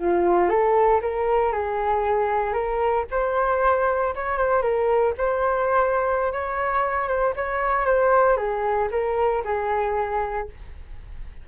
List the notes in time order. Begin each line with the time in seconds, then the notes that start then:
0.00 F4
0.50 A4
1.02 A#4
1.53 G#4
2.53 A#4
3.11 C5
4.16 C#5
4.38 C5
4.62 A#4
5.18 C5
6.33 C#5
7.09 C5
7.36 C#5
7.86 C5
8.37 G#4
8.92 A#4
9.45 G#4